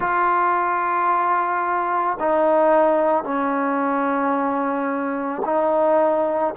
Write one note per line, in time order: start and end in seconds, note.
0.00 2.18 F4
2.19 3.24 D#4
3.24 5.42 C#4
5.45 6.54 D#4